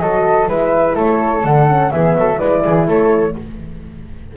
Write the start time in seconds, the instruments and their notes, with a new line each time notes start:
0.00 double bass F#3, horn F#4, flute A4 D#5
0.47 double bass G#3, horn E4, flute B4 E5
0.95 double bass A3, flute A4 C#5
1.44 double bass D3, horn D4, flute F#5
1.67 horn C#4
1.91 double bass E3, horn B3, flute G#4 E5
2.14 double bass F#3, flute A4
2.37 double bass G#3, horn E4, flute B4 D5
2.65 double bass E3, flute G#4
2.87 double bass A3, flute A4 C#5